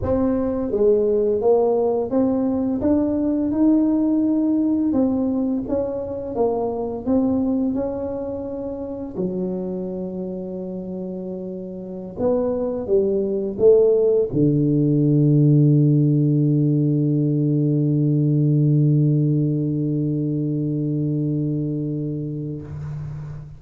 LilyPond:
\new Staff \with { instrumentName = "tuba" } { \time 4/4 \tempo 4 = 85 c'4 gis4 ais4 c'4 | d'4 dis'2 c'4 | cis'4 ais4 c'4 cis'4~ | cis'4 fis2.~ |
fis4~ fis16 b4 g4 a8.~ | a16 d2.~ d8.~ | d1~ | d1 | }